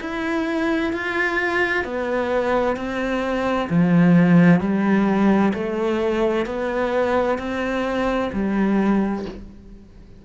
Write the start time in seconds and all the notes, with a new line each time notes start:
0.00 E4
0.92 F4
1.84 B3
2.76 C4
3.69 F3
4.60 G3
5.53 A3
6.46 B3
7.38 C4
8.32 G3